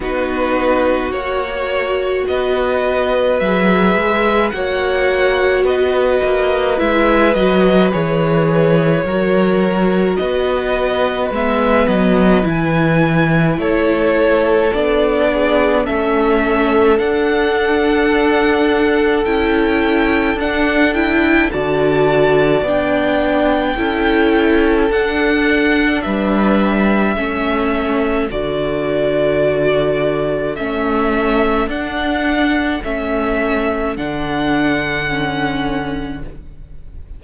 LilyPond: <<
  \new Staff \with { instrumentName = "violin" } { \time 4/4 \tempo 4 = 53 b'4 cis''4 dis''4 e''4 | fis''4 dis''4 e''8 dis''8 cis''4~ | cis''4 dis''4 e''8 dis''8 gis''4 | cis''4 d''4 e''4 fis''4~ |
fis''4 g''4 fis''8 g''8 a''4 | g''2 fis''4 e''4~ | e''4 d''2 e''4 | fis''4 e''4 fis''2 | }
  \new Staff \with { instrumentName = "violin" } { \time 4/4 fis'2 b'2 | cis''4 b'2. | ais'4 b'2. | a'4. gis'8 a'2~ |
a'2. d''4~ | d''4 a'2 b'4 | a'1~ | a'1 | }
  \new Staff \with { instrumentName = "viola" } { \time 4/4 dis'4 fis'2 gis'4 | fis'2 e'8 fis'8 gis'4 | fis'2 b4 e'4~ | e'4 d'4 cis'4 d'4~ |
d'4 e'4 d'8 e'8 fis'4 | d'4 e'4 d'2 | cis'4 fis'2 cis'4 | d'4 cis'4 d'4 cis'4 | }
  \new Staff \with { instrumentName = "cello" } { \time 4/4 b4 ais4 b4 fis8 gis8 | ais4 b8 ais8 gis8 fis8 e4 | fis4 b4 gis8 fis8 e4 | a4 b4 a4 d'4~ |
d'4 cis'4 d'4 d4 | b4 cis'4 d'4 g4 | a4 d2 a4 | d'4 a4 d2 | }
>>